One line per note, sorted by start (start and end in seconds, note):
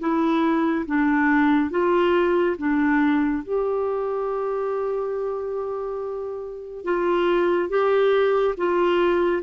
0.00 0.86 E4
0.86 1.71 D4
1.71 2.57 F4
2.58 3.44 D4
3.44 6.85 G4
6.85 7.69 F4
7.69 8.55 G4
8.58 9.43 F4